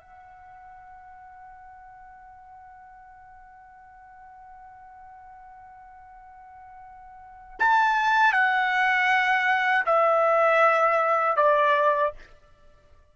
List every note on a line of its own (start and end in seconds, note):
0.00 7.59 F#5
7.59 8.32 A5
8.32 9.84 F#5
9.85 11.36 E5
11.36 12.12 D5